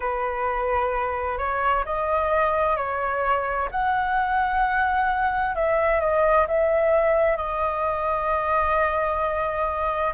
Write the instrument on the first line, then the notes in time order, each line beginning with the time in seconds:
flute
0.00 B4
1.38 C#5
1.85 D#5
2.76 C#5
3.71 F#5
5.55 E5
6.00 D#5
6.47 E5
7.36 D#5